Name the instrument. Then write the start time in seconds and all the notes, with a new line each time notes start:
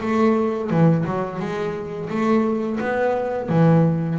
double bass
0.00 A3
0.70 E3
1.05 F#3
1.39 G#3
2.09 A3
2.80 B3
3.49 E3